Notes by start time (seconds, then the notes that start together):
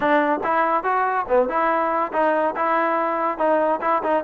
0.00 D4
0.43 E4
0.83 F#4
1.28 B3
1.48 E4
2.12 D#4
2.56 E4
3.37 D#4
3.81 E4
4.03 D#4